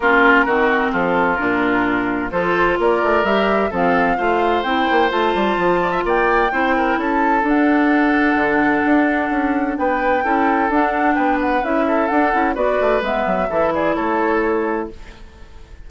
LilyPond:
<<
  \new Staff \with { instrumentName = "flute" } { \time 4/4 \tempo 4 = 129 ais'2 a'4 ais'4~ | ais'4 c''4 d''4 e''4 | f''2 g''4 a''4~ | a''4 g''2 a''4 |
fis''1~ | fis''4 g''2 fis''4 | g''8 fis''8 e''4 fis''4 d''4 | e''4. d''8 cis''2 | }
  \new Staff \with { instrumentName = "oboe" } { \time 4/4 f'4 fis'4 f'2~ | f'4 a'4 ais'2 | a'4 c''2.~ | c''8 d''16 e''16 d''4 c''8 ais'8 a'4~ |
a'1~ | a'4 b'4 a'2 | b'4. a'4. b'4~ | b'4 a'8 gis'8 a'2 | }
  \new Staff \with { instrumentName = "clarinet" } { \time 4/4 cis'4 c'2 d'4~ | d'4 f'2 g'4 | c'4 f'4 e'4 f'4~ | f'2 e'2 |
d'1~ | d'2 e'4 d'4~ | d'4 e'4 d'8 e'8 fis'4 | b4 e'2. | }
  \new Staff \with { instrumentName = "bassoon" } { \time 4/4 ais4 dis4 f4 ais,4~ | ais,4 f4 ais8 a8 g4 | f4 a4 c'8 ais8 a8 g8 | f4 ais4 c'4 cis'4 |
d'2 d4 d'4 | cis'4 b4 cis'4 d'4 | b4 cis'4 d'8 cis'8 b8 a8 | gis8 fis8 e4 a2 | }
>>